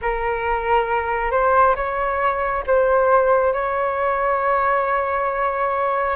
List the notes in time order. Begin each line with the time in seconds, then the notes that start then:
0.01 A#4
1.31 C5
1.75 C#5
2.66 C5
3.53 C#5